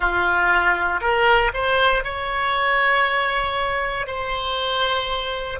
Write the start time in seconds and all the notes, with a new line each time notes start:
0.00 F4
1.00 A#4
1.53 C5
2.03 C#5
4.07 C5